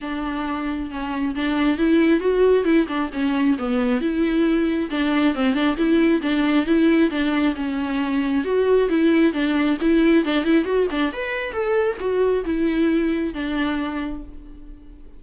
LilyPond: \new Staff \with { instrumentName = "viola" } { \time 4/4 \tempo 4 = 135 d'2 cis'4 d'4 | e'4 fis'4 e'8 d'8 cis'4 | b4 e'2 d'4 | c'8 d'8 e'4 d'4 e'4 |
d'4 cis'2 fis'4 | e'4 d'4 e'4 d'8 e'8 | fis'8 d'8 b'4 a'4 fis'4 | e'2 d'2 | }